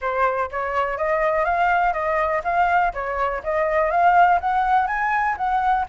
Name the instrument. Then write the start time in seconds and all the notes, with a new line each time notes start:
flute
0.01 C5
0.51 C#5
0.97 D#5
1.44 F5
1.93 D#5
2.44 F5
2.93 C#5
3.43 D#5
3.90 F5
4.40 F#5
4.87 G#5
5.37 F#5